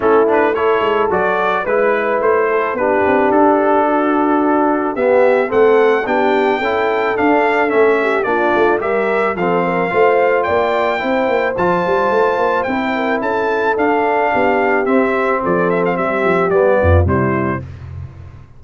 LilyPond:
<<
  \new Staff \with { instrumentName = "trumpet" } { \time 4/4 \tempo 4 = 109 a'8 b'8 cis''4 d''4 b'4 | c''4 b'4 a'2~ | a'4 e''4 fis''4 g''4~ | g''4 f''4 e''4 d''4 |
e''4 f''2 g''4~ | g''4 a''2 g''4 | a''4 f''2 e''4 | d''8 e''16 f''16 e''4 d''4 c''4 | }
  \new Staff \with { instrumentName = "horn" } { \time 4/4 e'4 a'2 b'4~ | b'8 a'8 g'2 fis'4~ | fis'4 g'4 a'4 g'4 | a'2~ a'8 g'8 f'4 |
ais'4 a'8 ais'8 c''4 d''4 | c''2.~ c''8 ais'8 | a'2 g'2 | a'4 g'4. f'8 e'4 | }
  \new Staff \with { instrumentName = "trombone" } { \time 4/4 cis'8 d'8 e'4 fis'4 e'4~ | e'4 d'2.~ | d'4 b4 c'4 d'4 | e'4 d'4 cis'4 d'4 |
g'4 c'4 f'2 | e'4 f'2 e'4~ | e'4 d'2 c'4~ | c'2 b4 g4 | }
  \new Staff \with { instrumentName = "tuba" } { \time 4/4 a4. gis8 fis4 gis4 | a4 b8 c'8 d'2~ | d'4 b4 a4 b4 | cis'4 d'4 a4 ais8 a8 |
g4 f4 a4 ais4 | c'8 ais8 f8 g8 a8 ais8 c'4 | cis'4 d'4 b4 c'4 | f4 g8 f8 g8 f,8 c4 | }
>>